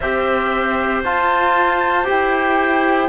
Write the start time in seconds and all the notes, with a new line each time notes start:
0.00 C4 G4 C5 E5
1.04 F4 A5
2.04 E4 G4 G5